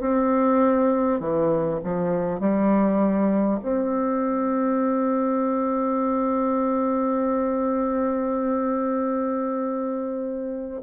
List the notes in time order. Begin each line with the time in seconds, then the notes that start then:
0.00 C4
1.19 E3
1.83 F3
2.39 G3
3.62 C4